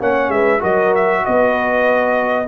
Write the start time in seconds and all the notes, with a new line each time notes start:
0.00 A#3 C#4 C#5 F#5
0.29 G#3 B4 E5
0.59 F#3 F#4 A#4 D#5
0.95 E5
1.25 B3 B4 D#5